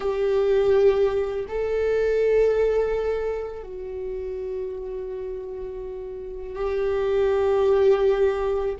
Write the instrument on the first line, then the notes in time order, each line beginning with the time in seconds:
viola
0.00 G4
1.47 A4
3.63 F#4
6.55 G4